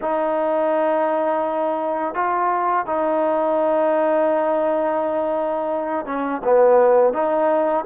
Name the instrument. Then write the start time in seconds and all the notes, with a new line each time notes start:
trombone
0.01 D#4
2.14 F4
2.86 D#4
6.05 C#4
6.44 B3
7.13 D#4